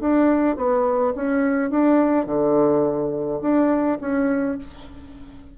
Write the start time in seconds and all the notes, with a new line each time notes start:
0.00 D4
0.57 B3
1.15 C#4
1.71 D4
2.26 D3
3.42 D4
4.01 C#4